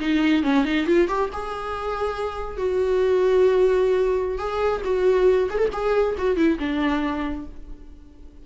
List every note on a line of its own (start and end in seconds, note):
0.00 0.43 D#4
0.43 0.65 C#4
0.65 0.86 D#4
0.87 1.08 F4
1.08 1.29 G4
1.33 2.57 G#4
2.57 4.38 F#4
4.38 4.81 G#4
4.84 5.49 F#4
5.50 5.58 G#4
5.58 5.69 A4
5.73 6.16 G#4
6.18 6.36 F#4
6.36 6.58 E4
6.59 7.45 D4